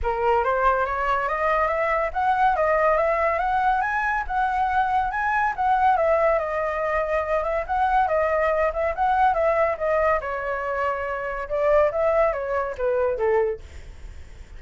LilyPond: \new Staff \with { instrumentName = "flute" } { \time 4/4 \tempo 4 = 141 ais'4 c''4 cis''4 dis''4 | e''4 fis''4 dis''4 e''4 | fis''4 gis''4 fis''2 | gis''4 fis''4 e''4 dis''4~ |
dis''4. e''8 fis''4 dis''4~ | dis''8 e''8 fis''4 e''4 dis''4 | cis''2. d''4 | e''4 cis''4 b'4 a'4 | }